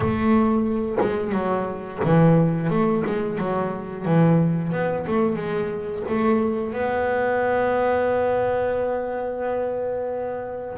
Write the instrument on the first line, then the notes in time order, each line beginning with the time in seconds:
double bass
0.00 A3
1.00 G#3
1.31 F#3
2.04 E3
2.70 A3
3.06 G#3
3.38 F#3
4.05 E3
4.72 B3
5.07 A3
5.36 G#3
6.08 A3
6.72 B3